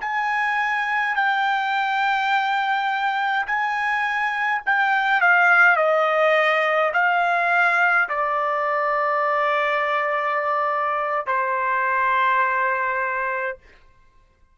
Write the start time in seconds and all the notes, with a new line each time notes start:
0.00 G#5
1.15 G5
3.46 G#5
4.66 G5
5.21 F5
5.76 D#5
6.93 F5
8.09 D5
11.26 C5